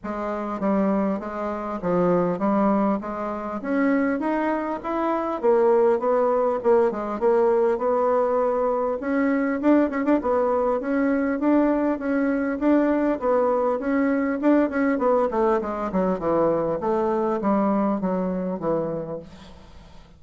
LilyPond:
\new Staff \with { instrumentName = "bassoon" } { \time 4/4 \tempo 4 = 100 gis4 g4 gis4 f4 | g4 gis4 cis'4 dis'4 | e'4 ais4 b4 ais8 gis8 | ais4 b2 cis'4 |
d'8 cis'16 d'16 b4 cis'4 d'4 | cis'4 d'4 b4 cis'4 | d'8 cis'8 b8 a8 gis8 fis8 e4 | a4 g4 fis4 e4 | }